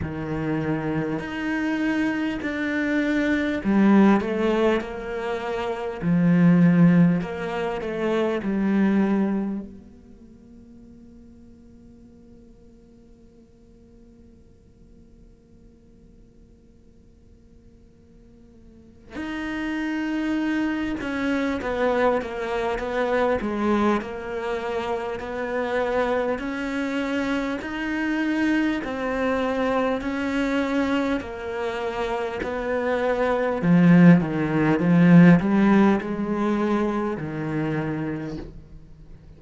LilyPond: \new Staff \with { instrumentName = "cello" } { \time 4/4 \tempo 4 = 50 dis4 dis'4 d'4 g8 a8 | ais4 f4 ais8 a8 g4 | ais1~ | ais1 |
dis'4. cis'8 b8 ais8 b8 gis8 | ais4 b4 cis'4 dis'4 | c'4 cis'4 ais4 b4 | f8 dis8 f8 g8 gis4 dis4 | }